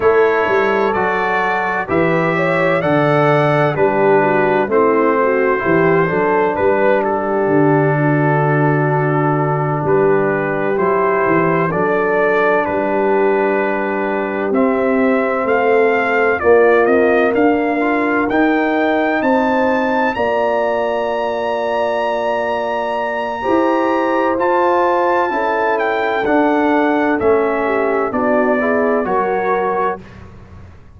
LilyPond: <<
  \new Staff \with { instrumentName = "trumpet" } { \time 4/4 \tempo 4 = 64 cis''4 d''4 e''4 fis''4 | b'4 c''2 b'8 a'8~ | a'2~ a'8 b'4 c''8~ | c''8 d''4 b'2 e''8~ |
e''8 f''4 d''8 dis''8 f''4 g''8~ | g''8 a''4 ais''2~ ais''8~ | ais''2 a''4. g''8 | fis''4 e''4 d''4 cis''4 | }
  \new Staff \with { instrumentName = "horn" } { \time 4/4 a'2 b'8 cis''8 d''4 | g'8 fis'8 e'8 fis'8 g'8 a'8 b'8 g'8~ | g'8 fis'2 g'4.~ | g'8 a'4 g'2~ g'8~ |
g'8 a'4 f'4 ais'4.~ | ais'8 c''4 d''2~ d''8~ | d''4 c''2 a'4~ | a'4. g'8 fis'8 gis'8 ais'4 | }
  \new Staff \with { instrumentName = "trombone" } { \time 4/4 e'4 fis'4 g'4 a'4 | d'4 c'4 e'8 d'4.~ | d'2.~ d'8 e'8~ | e'8 d'2. c'8~ |
c'4. ais4. f'8 dis'8~ | dis'4. f'2~ f'8~ | f'4 g'4 f'4 e'4 | d'4 cis'4 d'8 e'8 fis'4 | }
  \new Staff \with { instrumentName = "tuba" } { \time 4/4 a8 g8 fis4 e4 d4 | g4 a4 e8 fis8 g4 | d2~ d8 g4 fis8 | e8 fis4 g2 c'8~ |
c'8 a4 ais8 c'8 d'4 dis'8~ | dis'8 c'4 ais2~ ais8~ | ais4 e'4 f'4 cis'4 | d'4 a4 b4 fis4 | }
>>